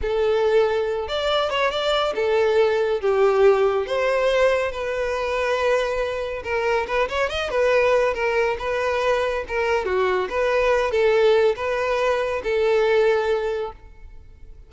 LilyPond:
\new Staff \with { instrumentName = "violin" } { \time 4/4 \tempo 4 = 140 a'2~ a'8 d''4 cis''8 | d''4 a'2 g'4~ | g'4 c''2 b'4~ | b'2. ais'4 |
b'8 cis''8 dis''8 b'4. ais'4 | b'2 ais'4 fis'4 | b'4. a'4. b'4~ | b'4 a'2. | }